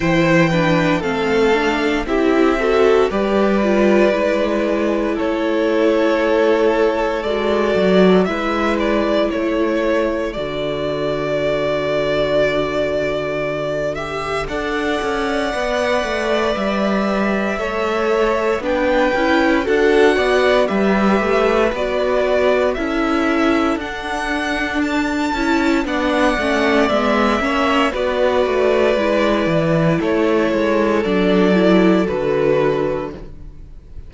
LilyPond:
<<
  \new Staff \with { instrumentName = "violin" } { \time 4/4 \tempo 4 = 58 g''4 f''4 e''4 d''4~ | d''4 cis''2 d''4 | e''8 d''8 cis''4 d''2~ | d''4. e''8 fis''2 |
e''2 g''4 fis''4 | e''4 d''4 e''4 fis''4 | a''4 fis''4 e''4 d''4~ | d''4 cis''4 d''4 b'4 | }
  \new Staff \with { instrumentName = "violin" } { \time 4/4 c''8 b'8 a'4 g'8 a'8 b'4~ | b'4 a'2. | b'4 a'2.~ | a'2 d''2~ |
d''4 cis''4 b'4 a'8 d''8 | b'2 a'2~ | a'4 d''4. cis''8 b'4~ | b'4 a'2. | }
  \new Staff \with { instrumentName = "viola" } { \time 4/4 e'8 d'8 c'8 d'8 e'8 fis'8 g'8 f'8 | e'2. fis'4 | e'2 fis'2~ | fis'4. g'8 a'4 b'4~ |
b'4 a'4 d'8 e'8 fis'4 | g'4 fis'4 e'4 d'4~ | d'8 e'8 d'8 cis'8 b8 cis'8 fis'4 | e'2 d'8 e'8 fis'4 | }
  \new Staff \with { instrumentName = "cello" } { \time 4/4 e4 a4 c'4 g4 | gis4 a2 gis8 fis8 | gis4 a4 d2~ | d2 d'8 cis'8 b8 a8 |
g4 a4 b8 cis'8 d'8 b8 | g8 a8 b4 cis'4 d'4~ | d'8 cis'8 b8 a8 gis8 ais8 b8 a8 | gis8 e8 a8 gis8 fis4 d4 | }
>>